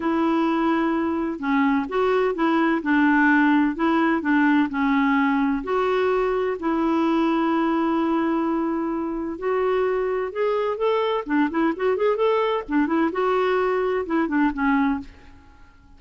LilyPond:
\new Staff \with { instrumentName = "clarinet" } { \time 4/4 \tempo 4 = 128 e'2. cis'4 | fis'4 e'4 d'2 | e'4 d'4 cis'2 | fis'2 e'2~ |
e'1 | fis'2 gis'4 a'4 | d'8 e'8 fis'8 gis'8 a'4 d'8 e'8 | fis'2 e'8 d'8 cis'4 | }